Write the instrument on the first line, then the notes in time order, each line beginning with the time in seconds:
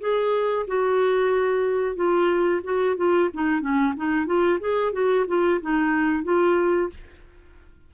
clarinet
0.00 G#4
0.67 F#4
1.95 F4
2.64 F#4
2.97 F4
3.34 D#4
3.61 C#4
3.97 D#4
4.26 F4
4.60 G#4
4.93 F#4
5.27 F4
5.61 D#4
6.24 F4